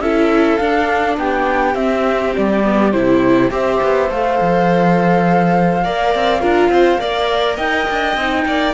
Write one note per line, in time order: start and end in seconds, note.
0.00 0.58 C#4
0.00 0.60 E4
0.00 1.18 A4
0.00 0.57 E5
0.57 1.74 D4
0.57 1.17 D4
0.57 1.15 F5
1.17 1.75 B3
1.17 3.52 G4
1.17 1.75 G5
1.74 2.62 C4
1.74 2.33 C4
1.74 2.33 E5
2.36 2.94 G3
2.36 2.92 D5
2.63 2.92 B3
2.92 3.51 C3
2.92 3.51 E4
2.92 3.50 C5
3.51 3.80 C4
3.51 4.09 G4
3.51 5.84 C5
3.51 4.11 E5
3.83 4.10 B3
4.09 4.39 A3
4.09 5.84 A4
4.09 7.57 F5
4.41 5.86 F3
5.84 6.15 A#3
5.84 6.41 A#4
5.84 6.41 D5
6.15 6.42 C4
6.41 6.69 D4
6.41 6.98 F4
6.41 6.70 A#4
6.69 6.98 C4
6.69 7.00 C5
6.98 7.57 A#3
6.98 8.15 A#4
6.98 7.56 D5
7.56 7.87 D#4
7.56 8.43 D#5
7.56 8.73 G5
7.90 8.16 D4
8.16 8.45 C4
8.16 8.74 D#4
8.45 8.74 A#3
8.45 8.74 D5